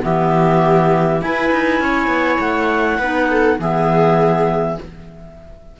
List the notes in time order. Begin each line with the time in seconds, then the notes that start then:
0.00 E3 B3 G4 E5
1.21 E4 B4 G#5
1.52 D#4
1.80 C#4 C#5
2.07 B3
2.39 A3 F#5
2.98 B3 D#4 B4
3.29 A4
3.59 E3 B3 G#4 E5